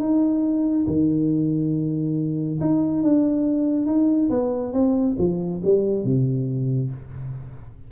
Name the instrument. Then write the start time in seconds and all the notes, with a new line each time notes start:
tuba
0.00 D#4
0.87 D#3
2.61 D#4
3.03 D4
3.87 D#4
4.30 B3
4.73 C4
5.18 F3
5.64 G3
6.04 C3